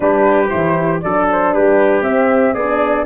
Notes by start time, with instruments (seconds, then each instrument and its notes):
0.00 tuba G3, horn D4, trumpet G4, flute B4
0.49 tuba E3, horn E4, flute C5
1.01 tuba F#3, horn D4, trumpet A4, flute D5
1.31 flute C5
1.53 tuba G3, trumpet G4, flute B4
2.01 tuba C4, horn C4, flute E5
2.53 tuba B3, horn D4, trumpet G#4, flute D5